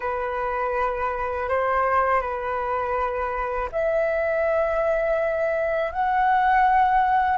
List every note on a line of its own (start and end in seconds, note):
0.00 1.48 B4
1.48 2.21 C5
2.21 3.69 B4
3.72 5.92 E5
5.92 7.37 F#5